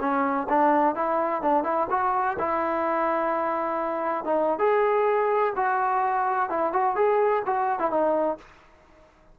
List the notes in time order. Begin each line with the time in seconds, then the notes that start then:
0.00 C#4
0.49 D4
0.95 E4
1.42 D4
1.63 E4
1.90 F#4
2.39 E4
4.25 D#4
4.59 G#4
5.56 F#4
6.49 E4
6.73 F#4
6.96 G#4
7.46 F#4
7.79 E4
7.90 D#4